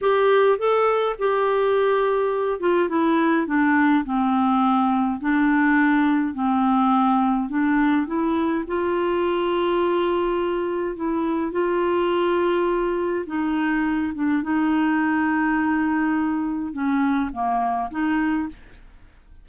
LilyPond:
\new Staff \with { instrumentName = "clarinet" } { \time 4/4 \tempo 4 = 104 g'4 a'4 g'2~ | g'8 f'8 e'4 d'4 c'4~ | c'4 d'2 c'4~ | c'4 d'4 e'4 f'4~ |
f'2. e'4 | f'2. dis'4~ | dis'8 d'8 dis'2.~ | dis'4 cis'4 ais4 dis'4 | }